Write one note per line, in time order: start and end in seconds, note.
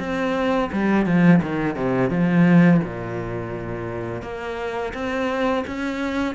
0.00 0.71 C4
0.73 1.06 G3
1.06 1.41 F3
1.43 1.76 D#3
1.76 2.10 C3
2.10 2.81 F3
2.84 4.23 A#2
4.23 4.93 A#3
4.94 5.65 C4
5.68 6.36 C#4